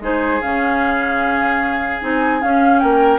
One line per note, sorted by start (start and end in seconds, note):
0.00 0.40 G#3
0.00 0.42 D#4
0.00 2.82 G#4
0.00 0.42 C5
0.42 2.03 C#3
0.42 2.02 C#4
0.42 2.02 F5
2.02 2.43 C4
2.02 2.42 D#4
2.02 2.42 G#5
2.42 3.19 C#4
2.42 2.83 C#4
2.42 2.80 F5
2.80 3.19 A#3
2.80 3.19 A#4
2.80 3.19 G5